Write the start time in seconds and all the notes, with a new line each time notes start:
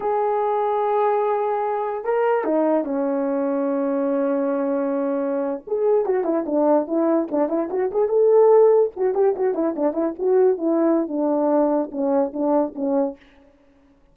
0.00 G#4
2.04 A#4
2.44 D#4
2.84 C#4
5.67 G#4
6.05 F#4
6.24 E4
6.46 D4
6.87 E4
7.31 D4
7.48 E4
7.70 F#4
7.91 G#4
8.08 A4
8.96 F#4
9.14 G4
9.36 F#4
9.54 E4
9.76 D4
9.93 E4
10.19 F#4
10.57 E4
11.08 D4
11.91 C#4
12.33 D4
12.75 C#4